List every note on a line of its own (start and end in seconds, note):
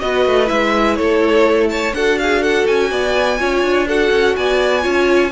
0.00 0.26 B3
0.00 0.46 F#4
0.00 0.98 B4
0.00 0.48 D#5
0.26 0.50 A3
0.46 0.99 G#3
0.46 1.91 E4
0.46 0.96 E5
0.96 1.93 A3
0.96 1.70 A4
0.96 1.69 C#5
1.69 1.95 C#5
1.69 1.94 A5
1.93 2.65 D4
1.93 3.38 F#4
1.93 2.19 A4
1.93 2.18 F#5
2.19 2.42 G#4
2.19 2.43 F5
2.42 2.90 A4
2.42 2.67 F#5
2.67 2.92 C#4
2.67 3.88 G#5
2.91 3.40 B3
2.91 3.39 D5
3.38 3.63 C#4
3.38 3.86 F4
3.38 3.88 C#5
3.63 4.11 D4
3.88 4.81 F#4
3.88 4.36 A4
3.88 4.36 F#5
4.11 4.36 C#4
4.36 4.85 B3
4.36 4.83 D5
4.36 5.32 G#5
4.81 5.32 C#4
4.81 5.30 F4
4.81 5.31 C#5